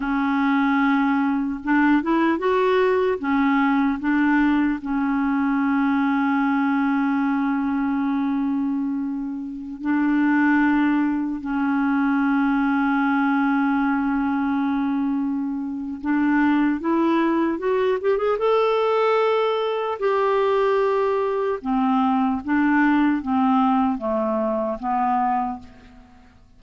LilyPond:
\new Staff \with { instrumentName = "clarinet" } { \time 4/4 \tempo 4 = 75 cis'2 d'8 e'8 fis'4 | cis'4 d'4 cis'2~ | cis'1~ | cis'16 d'2 cis'4.~ cis'16~ |
cis'1 | d'4 e'4 fis'8 g'16 gis'16 a'4~ | a'4 g'2 c'4 | d'4 c'4 a4 b4 | }